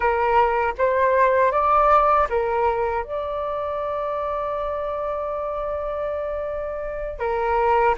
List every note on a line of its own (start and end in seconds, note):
0.00 0.74 A#4
0.78 1.51 C5
1.51 2.27 D5
2.29 3.04 A#4
3.04 7.19 D5
7.19 7.95 A#4